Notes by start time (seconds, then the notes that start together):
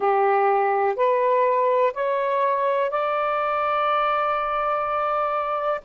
0.00 G4
0.96 B4
1.94 C#5
2.90 D5